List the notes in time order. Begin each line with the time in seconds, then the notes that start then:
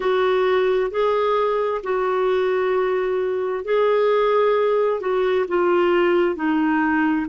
0.00 F#4
0.90 G#4
1.83 F#4
3.64 G#4
5.00 F#4
5.48 F4
6.35 D#4